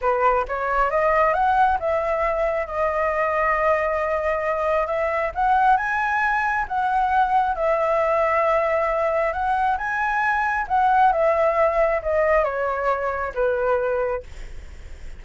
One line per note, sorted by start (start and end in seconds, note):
0.01 0.45 B4
0.48 0.90 C#5
0.90 1.33 D#5
1.33 1.78 F#5
1.79 2.66 E5
2.66 4.87 D#5
4.87 5.31 E5
5.34 5.77 F#5
5.77 6.65 G#5
6.68 7.55 F#5
7.55 9.32 E5
9.32 9.77 F#5
9.77 10.66 G#5
10.68 11.12 F#5
11.12 12.01 E5
12.02 12.43 D#5
12.43 13.32 C#5
13.34 14.23 B4